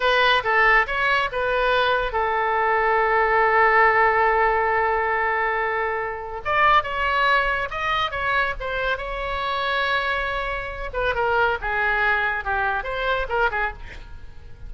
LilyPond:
\new Staff \with { instrumentName = "oboe" } { \time 4/4 \tempo 4 = 140 b'4 a'4 cis''4 b'4~ | b'4 a'2.~ | a'1~ | a'2. d''4 |
cis''2 dis''4 cis''4 | c''4 cis''2.~ | cis''4. b'8 ais'4 gis'4~ | gis'4 g'4 c''4 ais'8 gis'8 | }